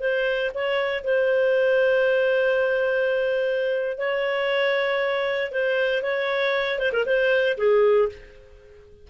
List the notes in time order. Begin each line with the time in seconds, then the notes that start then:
0.00 C5
0.55 C#5
1.04 C5
3.98 C#5
5.52 C5
6.03 C#5
6.79 C5
6.93 A#4
7.06 C5
7.58 G#4